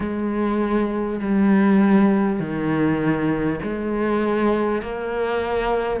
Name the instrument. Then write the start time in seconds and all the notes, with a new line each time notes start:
cello
0.00 G#3
1.19 G3
2.39 D#3
3.63 G#3
4.82 A#3